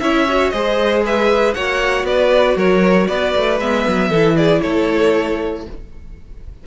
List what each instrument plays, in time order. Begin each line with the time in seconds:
0.00 cello C#4, viola E4, violin C#5 E5
0.28 viola F#4
0.50 cello G#3, viola G#4, violin C5 D#5
1.05 violin B4 E5
1.54 cello A#3, viola F#4, violin C#5 F#5
2.04 cello B3, violin B4 D5
2.56 cello F#3, violin A#4 C#5
3.07 cello B3, violin B4 D5
3.36 cello A3
3.60 cello G#3, viola B3, violin E5
3.87 cello F#3
4.09 cello E3, viola E4, violin A4
4.36 violin G#4 D5
4.61 cello A3, violin A4 C#5